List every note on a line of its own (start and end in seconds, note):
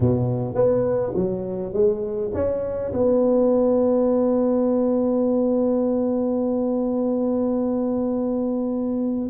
0.00 0.54 B2
0.54 1.13 B3
1.14 1.73 F#3
1.73 2.31 G#3
2.34 2.92 C#4
2.93 9.30 B3